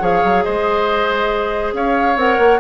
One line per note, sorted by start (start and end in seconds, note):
0.00 0.22 F3
0.00 2.16 G#4
0.00 0.44 C#5
0.00 0.43 F5
0.24 0.46 F#3
0.43 1.73 G#3
0.43 1.74 C5
0.43 1.73 D#5
1.73 2.16 C#4
1.73 2.60 C#5
1.73 2.19 F5
2.16 2.38 C4
2.16 2.60 A#4
2.16 2.60 F#5
2.38 2.60 A#3